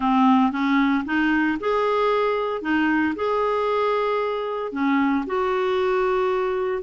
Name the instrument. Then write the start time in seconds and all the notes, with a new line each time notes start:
clarinet
0.00 C4
0.51 C#4
1.05 D#4
1.60 G#4
2.61 D#4
3.15 G#4
4.72 C#4
5.26 F#4